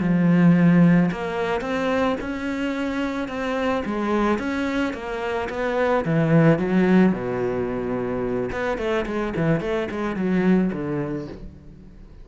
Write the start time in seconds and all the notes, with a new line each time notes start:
0.00 F3
1.12 A#3
1.61 C4
2.21 C#4
3.29 C4
3.85 G#3
4.39 C#4
4.94 A#3
5.49 B3
6.05 E3
6.59 F#3
7.12 B2
8.52 B3
8.78 A3
9.06 G#3
9.36 E3
9.61 A3
9.91 G#3
10.16 F#3
10.73 D3